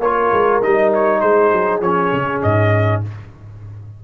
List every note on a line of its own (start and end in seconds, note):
0.00 0.30 A#3
0.00 0.63 F4
0.00 1.21 A#4
0.00 0.61 C#5
0.32 0.62 G#3
0.63 1.23 G3
0.63 1.83 D#4
0.63 0.93 D#5
0.94 1.21 C#5
1.21 1.52 G#3
1.21 3.01 G#4
1.21 1.81 C5
1.52 1.81 F#3
1.81 2.11 F3
1.81 3.04 C#4
1.81 2.42 C#5
2.13 2.43 C#3
2.43 3.04 G#2
2.43 3.03 D#5